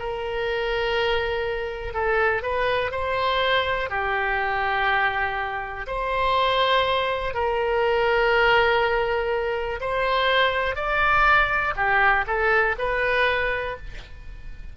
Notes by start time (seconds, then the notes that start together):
0.00 A#4
1.94 A4
2.43 B4
2.92 C5
3.90 G4
5.87 C5
7.35 A#4
9.81 C5
10.76 D5
11.76 G4
12.27 A4
12.79 B4